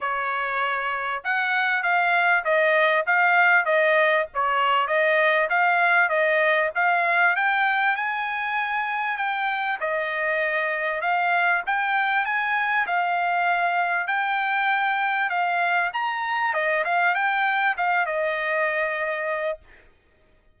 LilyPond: \new Staff \with { instrumentName = "trumpet" } { \time 4/4 \tempo 4 = 98 cis''2 fis''4 f''4 | dis''4 f''4 dis''4 cis''4 | dis''4 f''4 dis''4 f''4 | g''4 gis''2 g''4 |
dis''2 f''4 g''4 | gis''4 f''2 g''4~ | g''4 f''4 ais''4 dis''8 f''8 | g''4 f''8 dis''2~ dis''8 | }